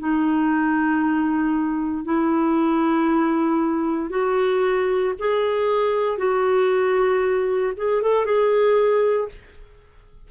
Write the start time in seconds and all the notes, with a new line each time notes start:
0.00 D#4
2.05 E4
4.10 F#4
5.20 G#4
6.18 F#4
7.77 G#4
8.03 A4
8.26 G#4